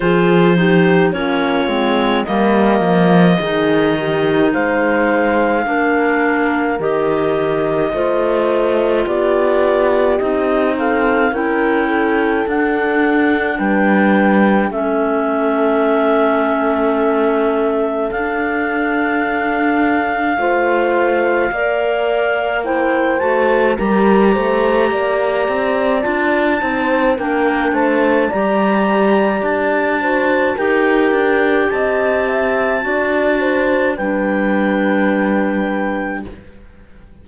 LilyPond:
<<
  \new Staff \with { instrumentName = "clarinet" } { \time 4/4 \tempo 4 = 53 c''4 cis''4 dis''2 | f''2 dis''2 | d''4 dis''8 f''8 g''4 fis''4 | g''4 e''2. |
f''1 | g''8 a''8 ais''2 a''4 | g''8 a''8 ais''4 a''4 g''4 | a''2 g''2 | }
  \new Staff \with { instrumentName = "horn" } { \time 4/4 gis'8 g'8 f'4 ais'4 gis'8 g'8 | c''4 ais'2 c''4 | g'4. a'8 ais'8 a'4. | b'4 a'2.~ |
a'2 c''4 d''4 | c''4 ais'8 c''8 d''4. c''8 | ais'8 c''8 d''4. c''8 ais'4 | dis''8 e''8 d''8 c''8 b'2 | }
  \new Staff \with { instrumentName = "clarinet" } { \time 4/4 f'8 dis'8 cis'8 c'8 ais4 dis'4~ | dis'4 d'4 g'4 f'4~ | f'4 dis'4 e'4 d'4~ | d'4 cis'2. |
d'2 f'4 ais'4 | e'8 fis'8 g'2 f'8 dis'8 | d'4 g'4. fis'8 g'4~ | g'4 fis'4 d'2 | }
  \new Staff \with { instrumentName = "cello" } { \time 4/4 f4 ais8 gis8 g8 f8 dis4 | gis4 ais4 dis4 a4 | b4 c'4 cis'4 d'4 | g4 a2. |
d'2 a4 ais4~ | ais8 a8 g8 a8 ais8 c'8 d'8 c'8 | ais8 a8 g4 d'4 dis'8 d'8 | c'4 d'4 g2 | }
>>